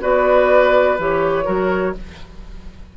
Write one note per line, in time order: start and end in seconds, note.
0.00 0.98 B3
0.00 0.97 F#4
0.00 1.45 B4
0.00 0.99 D5
0.98 1.47 E3
0.98 1.44 G4
0.98 1.97 C#5
1.44 1.95 F#3
1.44 1.92 F#4
1.44 1.93 A#4